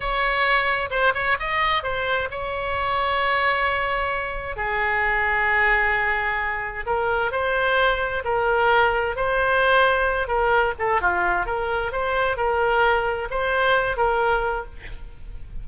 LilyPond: \new Staff \with { instrumentName = "oboe" } { \time 4/4 \tempo 4 = 131 cis''2 c''8 cis''8 dis''4 | c''4 cis''2.~ | cis''2 gis'2~ | gis'2. ais'4 |
c''2 ais'2 | c''2~ c''8 ais'4 a'8 | f'4 ais'4 c''4 ais'4~ | ais'4 c''4. ais'4. | }